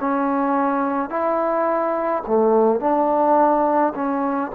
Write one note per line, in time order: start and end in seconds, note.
0.00 1.10 C#4
1.10 2.23 E4
2.27 2.80 A3
2.80 3.93 D4
3.95 4.51 C#4